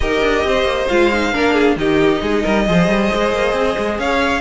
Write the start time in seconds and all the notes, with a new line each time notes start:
0.00 D#4 G4 A#4 D#5
0.21 D4
0.44 C4 C5
0.63 A#3
0.87 G#3 F4 F5
1.13 D#4
1.33 A#3 D4 A#4
1.53 G#4
1.76 D#3 D#4 G4 D#5
2.21 G#3 G#4
2.43 G3 A#4
2.66 F3 G#4 C5
2.87 G3
3.13 G#3
3.32 A#3
3.53 C4
3.77 G#3
3.98 C#4 C#5 F5